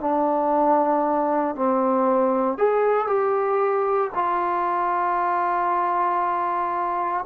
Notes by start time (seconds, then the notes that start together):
0.00 D4
1.55 C4
2.58 G#4
3.07 G4
4.15 F4